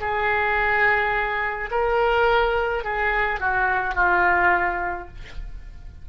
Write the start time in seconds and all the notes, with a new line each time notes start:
0.00 G#4
1.71 A#4
2.84 G#4
3.40 F#4
3.95 F4